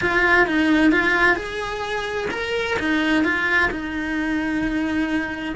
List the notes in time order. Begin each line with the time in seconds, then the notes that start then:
0.01 F4
0.46 D#4
0.91 F4
1.36 G#4
2.31 A#4
2.79 D#4
3.23 F4
3.70 D#4